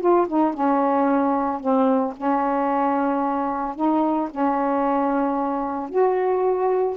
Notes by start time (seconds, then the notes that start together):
0.00 F4
0.28 D#4
0.54 C#4
1.60 C4
2.16 C#4
3.75 D#4
4.31 C#4
5.89 F#4